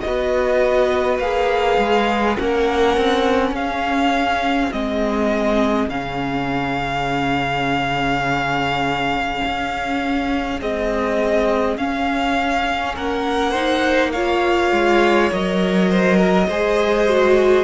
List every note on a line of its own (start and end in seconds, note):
0.00 1.18 B3
0.00 1.22 F#4
0.00 2.38 B4
0.00 1.18 D#5
1.18 1.77 A#3
1.18 2.37 G#4
1.18 2.37 F5
1.78 2.37 G#3
2.37 2.97 A#3
2.37 4.72 C#4
2.37 3.54 A#4
2.37 3.55 F#5
2.97 3.51 C4
3.51 4.69 C#4
3.51 12.95 G#4
3.51 4.72 F5
4.72 5.88 G#3
4.72 5.89 C4
4.72 5.89 D#5
5.88 9.41 C#3
5.88 10.59 C#4
5.88 10.60 F5
9.45 10.60 C#4
10.59 11.77 G#3
10.59 11.77 C4
10.59 11.77 D#5
11.77 12.95 C#4
11.77 13.55 C#4
11.77 12.95 F5
12.95 14.71 A#3
12.95 13.51 A#4
12.95 14.12 F#5
13.51 14.13 D#4
13.51 14.10 C5
14.12 15.32 F4
14.12 15.89 C#5
14.12 15.29 F5
14.71 15.30 G#3
15.32 16.49 F#3
15.32 16.49 A#4
15.32 17.64 D#5
15.90 16.17 C5
16.17 16.46 A#4
16.48 17.64 G#3
16.48 17.09 G#4
16.48 17.64 C5
17.09 17.64 F#4